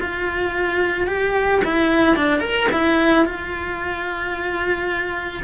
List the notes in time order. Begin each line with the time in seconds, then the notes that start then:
0.00 F4
1.07 G4
1.64 E4
2.16 D4
2.40 A#4
2.72 E4
3.25 F4